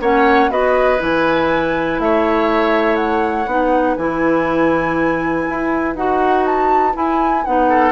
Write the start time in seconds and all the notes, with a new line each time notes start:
0.00 A#3 C#4 C#5 F#5
0.50 B3 F#4 B4 D#5
0.98 E3 E4 G#5
1.99 A3 C#5 E5
2.96 F#5
3.46 B3 D#4 B4
3.96 E3 E4 G#5
5.49 E4
5.95 D#4 F#4 F#5
6.46 A5
6.93 E4 G#5
7.45 B3 D#4 F#5
7.68 A4